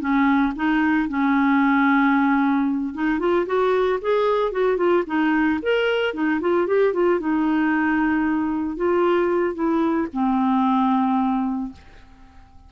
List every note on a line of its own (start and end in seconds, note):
0.00 0.53 C#4
0.56 1.09 D#4
1.09 2.94 C#4
2.94 3.20 D#4
3.20 3.46 F4
3.46 3.99 F#4
4.01 4.52 G#4
4.52 4.77 F#4
4.77 5.03 F4
5.07 5.60 D#4
5.62 6.14 A#4
6.14 6.40 D#4
6.41 6.67 F4
6.67 6.93 G4
6.93 7.20 F4
7.20 8.77 D#4
8.77 9.55 F4
9.55 10.08 E4
10.13 11.72 C4